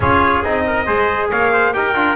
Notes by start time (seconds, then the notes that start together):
0.00 C#4 F4 G#4 C#5
0.42 C4 D#4 D#5
0.67 A#4
0.86 G#3 G#4 C5
1.31 A#3 C#5 F5
1.52 C5
1.73 D#4 G4 A#4 G5
1.95 D4 F4